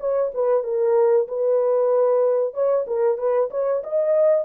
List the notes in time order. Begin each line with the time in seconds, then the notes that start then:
0.00 C#5
0.34 B4
0.64 A#4
1.28 B4
2.54 C#5
2.87 A#4
3.18 B4
3.51 C#5
3.84 D#5